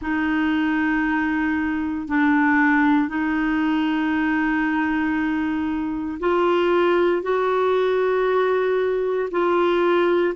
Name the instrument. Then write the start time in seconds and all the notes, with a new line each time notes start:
clarinet
0.01 D#4
2.07 D4
3.08 D#4
6.19 F4
7.22 F#4
9.31 F4